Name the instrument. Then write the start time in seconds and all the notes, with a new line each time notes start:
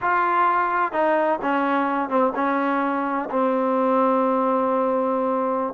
trombone
0.01 F4
0.92 D#4
1.41 C#4
2.09 C4
2.35 C#4
3.30 C4